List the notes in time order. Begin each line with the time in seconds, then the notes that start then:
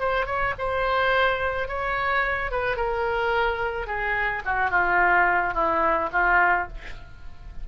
0.00 C5
0.26 C#5
0.59 C5
1.69 C#5
2.52 B4
2.77 A#4
3.87 G#4
4.46 F#4
4.71 F4
5.54 E4
6.13 F4